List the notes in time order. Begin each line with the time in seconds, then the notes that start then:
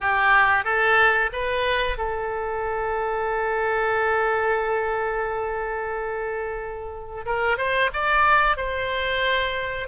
0.00 G4
0.64 A4
1.32 B4
1.98 A4
7.25 A#4
7.57 C5
7.93 D5
8.56 C5